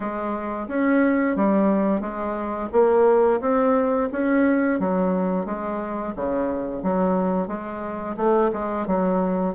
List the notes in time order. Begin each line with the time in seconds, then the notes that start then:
0.00 G#3
0.68 C#4
1.36 G3
2.00 G#3
2.72 A#3
3.41 C4
4.12 C#4
4.79 F#3
5.45 G#3
6.16 C#3
6.82 F#3
7.47 G#3
8.16 A3
8.52 G#3
8.86 F#3